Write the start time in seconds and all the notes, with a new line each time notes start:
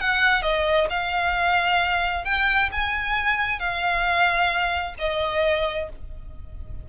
0.00 F#5
0.42 D#5
0.89 F5
2.24 G5
2.71 G#5
3.59 F5
4.98 D#5